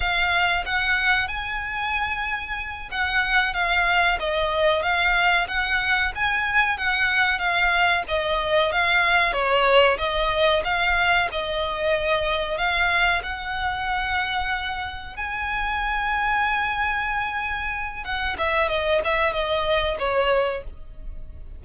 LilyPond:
\new Staff \with { instrumentName = "violin" } { \time 4/4 \tempo 4 = 93 f''4 fis''4 gis''2~ | gis''8 fis''4 f''4 dis''4 f''8~ | f''8 fis''4 gis''4 fis''4 f''8~ | f''8 dis''4 f''4 cis''4 dis''8~ |
dis''8 f''4 dis''2 f''8~ | f''8 fis''2. gis''8~ | gis''1 | fis''8 e''8 dis''8 e''8 dis''4 cis''4 | }